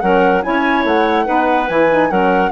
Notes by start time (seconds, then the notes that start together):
0.00 F#3 C#4 A#4 F#5
0.42 C#4 E4 C#5 G#5
0.84 A3 F#5
1.26 B3 D#4 B4
1.68 E3 E4 G#5
1.90 D#4
2.10 F#3 C#4 A#4 F#5